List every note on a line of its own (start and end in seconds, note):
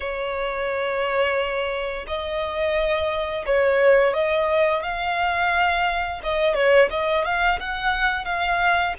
0.00 2.05 C#5
2.07 3.45 D#5
3.45 4.13 C#5
4.13 4.82 D#5
4.82 6.20 F5
6.23 6.54 D#5
6.54 6.88 C#5
6.90 7.24 D#5
7.24 7.59 F5
7.60 8.24 F#5
8.24 8.93 F5